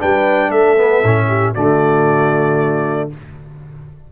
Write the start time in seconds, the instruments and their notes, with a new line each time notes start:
0.00 tuba G3, trombone D4, horn B4, trumpet G5
0.49 tuba A3, horn A4, trumpet E5
0.78 trombone B3
1.04 tuba A2, trombone C#4
1.28 horn G4
1.53 tuba D3, trombone A3, horn F#4, trumpet D5